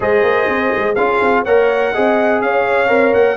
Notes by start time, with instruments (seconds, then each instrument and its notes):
0.00 tuba G#3, trombone G#4, horn C5, trumpet D#5
0.23 tuba A#3
0.48 tuba C4
0.76 tuba G#3
0.95 tuba C#4, trombone F4, horn G#4, trumpet F5
1.21 tuba C4
1.44 tuba A#3, trombone A#4, horn C#5, trumpet F#5
1.93 tuba C4, trombone G#4, horn D#5
2.41 tuba C#4, horn C#5, trumpet F5
2.87 tuba C4, trombone A#4
3.13 tuba A#3, trumpet F#5